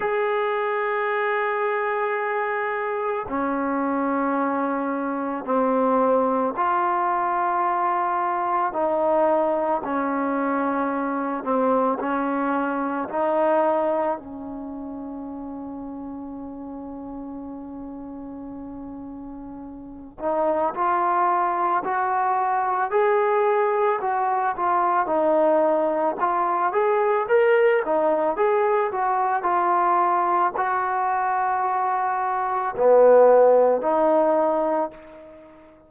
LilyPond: \new Staff \with { instrumentName = "trombone" } { \time 4/4 \tempo 4 = 55 gis'2. cis'4~ | cis'4 c'4 f'2 | dis'4 cis'4. c'8 cis'4 | dis'4 cis'2.~ |
cis'2~ cis'8 dis'8 f'4 | fis'4 gis'4 fis'8 f'8 dis'4 | f'8 gis'8 ais'8 dis'8 gis'8 fis'8 f'4 | fis'2 b4 dis'4 | }